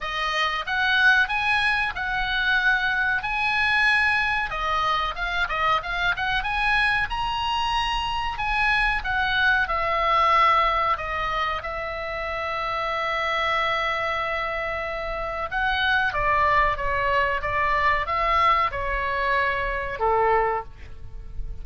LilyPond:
\new Staff \with { instrumentName = "oboe" } { \time 4/4 \tempo 4 = 93 dis''4 fis''4 gis''4 fis''4~ | fis''4 gis''2 dis''4 | f''8 dis''8 f''8 fis''8 gis''4 ais''4~ | ais''4 gis''4 fis''4 e''4~ |
e''4 dis''4 e''2~ | e''1 | fis''4 d''4 cis''4 d''4 | e''4 cis''2 a'4 | }